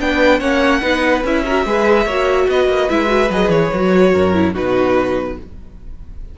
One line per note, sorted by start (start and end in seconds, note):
0.00 0.40 B3
0.00 0.41 D4
0.00 0.39 B4
0.00 0.40 G5
0.39 0.82 A#3
0.39 0.81 C#4
0.39 0.81 C#5
0.39 1.23 F#5
0.81 1.24 B3
0.81 1.23 D#4
0.81 1.43 B4
1.24 1.65 C#4
1.24 1.46 E4
1.24 2.49 E5
1.45 1.66 F#4
1.45 1.66 A#4
1.65 2.06 G#3
1.65 2.07 G#4
1.65 2.06 B4
2.06 2.47 A#3
2.06 2.89 F#4
2.06 2.47 C#5
2.48 2.68 B3
2.48 4.12 B4
2.48 2.89 D#5
2.68 2.88 A#3
2.89 3.30 G#3
2.89 3.06 E4
2.89 3.31 E5
3.06 3.27 F#4
3.30 3.48 F#3
3.30 3.73 G#4
3.30 3.50 D#5
3.48 3.69 E3
3.48 4.53 C#5
3.73 4.14 F#3
3.73 4.34 F#4
4.12 4.55 F#2
4.12 4.53 A#4
4.34 4.54 E4
4.53 5.37 B2
4.53 5.37 D#4
4.53 5.36 F#4
4.53 5.38 B4